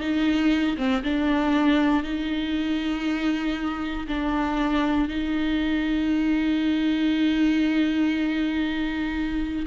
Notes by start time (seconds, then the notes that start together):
0.00 D#4
0.77 C4
1.04 D4
2.03 D#4
4.08 D4
5.08 D#4